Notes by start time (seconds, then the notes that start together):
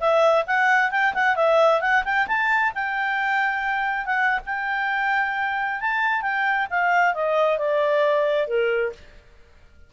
0.00 E5
0.47 F#5
0.91 G5
1.14 F#5
1.36 E5
1.81 F#5
2.04 G5
2.27 A5
2.75 G5
4.06 F#5
4.46 G5
5.81 A5
6.22 G5
6.70 F5
7.14 D#5
7.58 D5
8.47 A#4